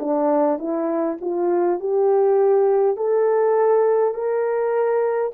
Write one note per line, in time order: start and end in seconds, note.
0.00 0.59 D4
0.59 1.17 E4
1.21 1.80 F4
1.80 2.97 G4
2.97 4.14 A4
4.14 5.32 A#4